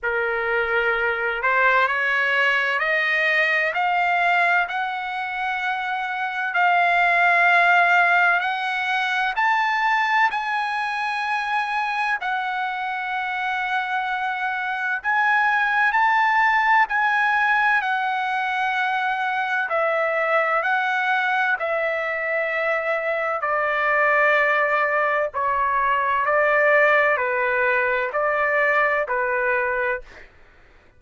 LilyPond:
\new Staff \with { instrumentName = "trumpet" } { \time 4/4 \tempo 4 = 64 ais'4. c''8 cis''4 dis''4 | f''4 fis''2 f''4~ | f''4 fis''4 a''4 gis''4~ | gis''4 fis''2. |
gis''4 a''4 gis''4 fis''4~ | fis''4 e''4 fis''4 e''4~ | e''4 d''2 cis''4 | d''4 b'4 d''4 b'4 | }